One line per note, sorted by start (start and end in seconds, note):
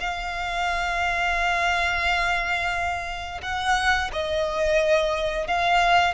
0.00 3.41 F5
3.42 4.10 F#5
4.12 5.47 D#5
5.47 6.14 F5